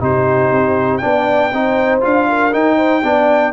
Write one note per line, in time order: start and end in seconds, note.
0.00 0.51 C3
0.00 1.01 D#4
0.00 1.03 G4
0.00 0.97 C5
0.51 1.01 C4
0.97 1.52 B3
0.97 1.51 D4
0.97 1.98 G5
1.04 1.52 D5
1.52 2.03 C4
1.52 2.01 D#4
1.52 2.28 C5
2.01 2.54 D4
2.01 2.51 F4
2.01 2.54 F5
2.29 2.77 A#4
2.52 3.02 D#4
2.52 3.03 D#4
2.52 3.53 G5
2.77 3.02 C5
3.03 3.53 B3
3.03 3.53 D4
3.03 3.53 D5